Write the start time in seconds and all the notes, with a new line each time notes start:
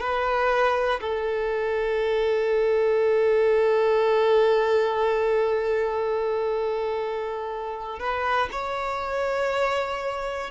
0.00 B4
1.00 A4
7.99 B4
8.51 C#5